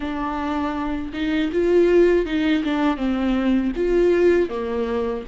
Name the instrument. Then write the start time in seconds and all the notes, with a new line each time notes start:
viola
0.00 D4
1.13 D#4
1.52 F4
2.25 D#4
2.64 D4
2.97 C4
3.75 F4
4.49 A#3